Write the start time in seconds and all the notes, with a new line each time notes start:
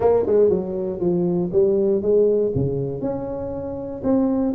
0.00 A#3
0.26 G#3
0.49 F#3
0.99 F3
1.52 G3
2.02 G#3
2.54 C#3
3.01 C#4
4.03 C4